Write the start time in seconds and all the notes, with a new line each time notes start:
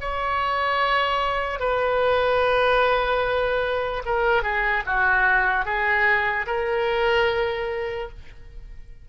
0.00 C#5
1.59 B4
4.05 A#4
4.42 G#4
4.85 F#4
5.65 G#4
6.46 A#4